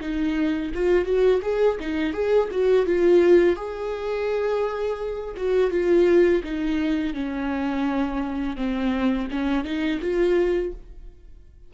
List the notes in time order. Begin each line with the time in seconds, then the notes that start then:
0.00 D#4
0.74 F4
1.05 F#4
1.42 G#4
1.80 D#4
2.13 G#4
2.51 F#4
2.85 F4
3.56 G#4
5.36 F#4
5.70 F4
6.43 D#4
7.13 C#4
8.56 C4
9.31 C#4
9.64 D#4
10.01 F4